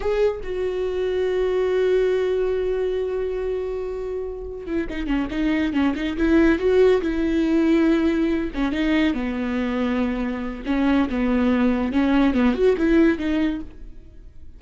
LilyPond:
\new Staff \with { instrumentName = "viola" } { \time 4/4 \tempo 4 = 141 gis'4 fis'2.~ | fis'1~ | fis'2. e'8 dis'8 | cis'8 dis'4 cis'8 dis'8 e'4 fis'8~ |
fis'8 e'2.~ e'8 | cis'8 dis'4 b2~ b8~ | b4 cis'4 b2 | cis'4 b8 fis'8 e'4 dis'4 | }